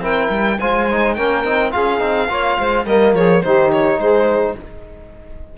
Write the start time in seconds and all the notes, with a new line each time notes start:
0.00 C4 E4 A#4 G5
0.30 G3
0.59 G#3 F4 C5 G#5
0.90 D#4
1.14 A#3 C#4 A#4 G5
1.44 C4 D#4
1.71 C#4 F4 G#4 F5
1.99 C4 D#4
2.29 A#3 F4 C#5
2.59 G#3 C5
2.85 G3 A#3 A#4 D#5
3.14 F3 G#4 C#5
3.43 D#3 D#4 G4 C5
3.72 C#5
3.98 G#3 G#4 C5